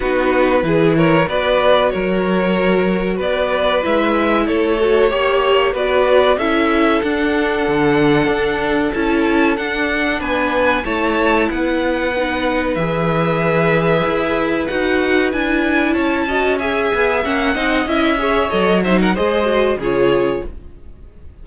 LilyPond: <<
  \new Staff \with { instrumentName = "violin" } { \time 4/4 \tempo 4 = 94 b'4. cis''8 d''4 cis''4~ | cis''4 d''4 e''4 cis''4~ | cis''4 d''4 e''4 fis''4~ | fis''2 a''4 fis''4 |
gis''4 a''4 fis''2 | e''2. fis''4 | gis''4 a''4 gis''4 fis''4 | e''4 dis''8 e''16 fis''16 dis''4 cis''4 | }
  \new Staff \with { instrumentName = "violin" } { \time 4/4 fis'4 gis'8 ais'8 b'4 ais'4~ | ais'4 b'2 a'4 | cis''4 b'4 a'2~ | a'1 |
b'4 cis''4 b'2~ | b'1~ | b'4 cis''8 dis''8 e''4. dis''8~ | dis''8 cis''4 c''16 ais'16 c''4 gis'4 | }
  \new Staff \with { instrumentName = "viola" } { \time 4/4 dis'4 e'4 fis'2~ | fis'2 e'4. fis'8 | g'4 fis'4 e'4 d'4~ | d'2 e'4 d'4~ |
d'4 e'2 dis'4 | gis'2. fis'4 | e'4. fis'8 gis'4 cis'8 dis'8 | e'8 gis'8 a'8 dis'8 gis'8 fis'8 f'4 | }
  \new Staff \with { instrumentName = "cello" } { \time 4/4 b4 e4 b4 fis4~ | fis4 b4 gis4 a4 | ais4 b4 cis'4 d'4 | d4 d'4 cis'4 d'4 |
b4 a4 b2 | e2 e'4 dis'4 | d'4 cis'4. b8 ais8 c'8 | cis'4 fis4 gis4 cis4 | }
>>